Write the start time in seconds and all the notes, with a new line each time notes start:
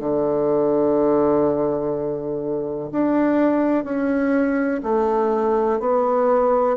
0.00 D3
2.92 D4
3.84 C#4
4.83 A3
5.80 B3